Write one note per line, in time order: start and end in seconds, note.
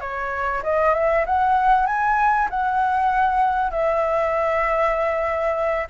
0.00 0.62 C#5
0.63 0.94 D#5
0.94 1.25 E5
1.26 1.86 F#5
1.86 2.48 G#5
2.49 3.70 F#5
3.70 5.87 E5